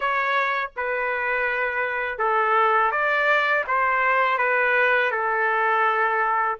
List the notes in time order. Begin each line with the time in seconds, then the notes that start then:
0.00 C#5
0.76 B4
2.18 A4
2.91 D5
3.67 C5
4.37 B4
5.11 A4